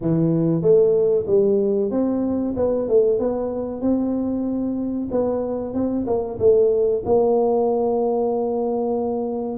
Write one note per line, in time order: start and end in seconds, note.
0.01 0.62 E3
0.62 1.25 A3
1.26 1.90 G3
1.90 2.54 C4
2.56 2.88 B3
2.88 3.19 A3
3.19 3.81 B3
3.81 5.08 C4
5.11 5.74 B3
5.74 6.06 C4
6.06 6.38 A#3
6.39 7.02 A3
7.05 9.58 A#3